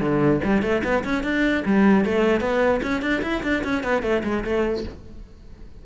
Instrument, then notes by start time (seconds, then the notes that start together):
cello
0.00 D3
0.44 G3
0.62 A3
0.84 B3
1.04 C#4
1.23 D4
1.65 G3
2.05 A3
2.41 B3
2.82 C#4
3.02 D4
3.22 E4
3.43 D4
3.64 C#4
3.83 B3
4.02 A3
4.23 G#3
4.44 A3